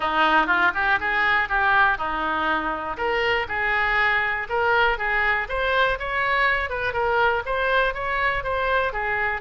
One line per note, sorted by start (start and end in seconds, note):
0.00 0.47 D#4
0.47 0.71 F4
0.74 0.99 G4
1.00 1.49 G#4
1.49 1.97 G4
1.97 2.97 D#4
2.97 3.46 A#4
3.48 4.47 G#4
4.49 4.98 A#4
4.98 5.47 G#4
5.48 5.98 C5
5.99 6.69 C#5
6.69 6.93 B4
6.93 7.42 A#4
7.45 7.94 C5
7.94 8.43 C#5
8.43 8.92 C5
8.92 9.41 G#4